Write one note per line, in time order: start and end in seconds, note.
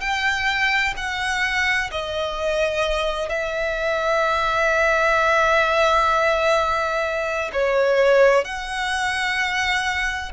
0.00 0.94 G5
0.96 1.90 F#5
1.91 3.29 D#5
3.29 7.50 E5
7.53 8.44 C#5
8.44 10.32 F#5